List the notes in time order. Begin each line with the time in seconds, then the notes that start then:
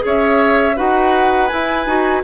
0.00 C#4 G#4 C#5
0.07 E5
0.76 D#4 F#4 B4 F#5
1.48 E4 G#5
1.86 D#4 F#4